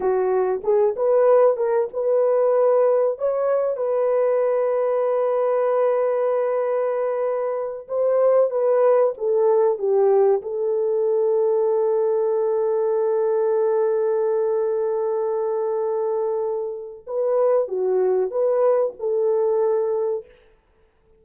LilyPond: \new Staff \with { instrumentName = "horn" } { \time 4/4 \tempo 4 = 95 fis'4 gis'8 b'4 ais'8 b'4~ | b'4 cis''4 b'2~ | b'1~ | b'8 c''4 b'4 a'4 g'8~ |
g'8 a'2.~ a'8~ | a'1~ | a'2. b'4 | fis'4 b'4 a'2 | }